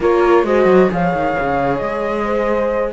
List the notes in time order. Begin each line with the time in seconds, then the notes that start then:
0.00 A#3 F4 A#4 C#5
0.43 G#3 F#4 C5 D#5
0.65 F#3
0.89 F3 G#4 C#5 F5
1.13 D#3
1.39 C#3
1.77 G#3 D#5
2.24 C5